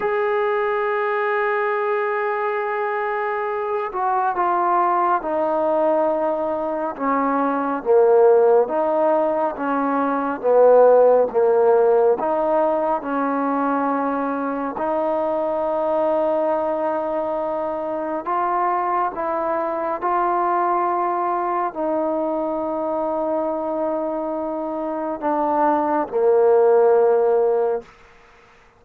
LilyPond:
\new Staff \with { instrumentName = "trombone" } { \time 4/4 \tempo 4 = 69 gis'1~ | gis'8 fis'8 f'4 dis'2 | cis'4 ais4 dis'4 cis'4 | b4 ais4 dis'4 cis'4~ |
cis'4 dis'2.~ | dis'4 f'4 e'4 f'4~ | f'4 dis'2.~ | dis'4 d'4 ais2 | }